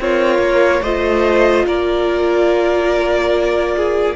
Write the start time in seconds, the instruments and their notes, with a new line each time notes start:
0.00 cello C4, violin F4 C#5, viola A#4
0.39 cello A#3
0.83 cello A3, viola F4, violin C5 D#5
1.66 cello A#3, violin A#4 D5
3.77 violin G#4